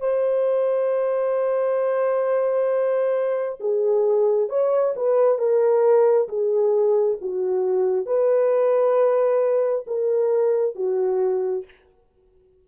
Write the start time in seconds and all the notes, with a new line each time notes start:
0.00 C5
3.60 G#4
4.49 C#5
4.96 B4
5.39 A#4
6.29 G#4
7.21 F#4
8.06 B4
9.87 A#4
10.75 F#4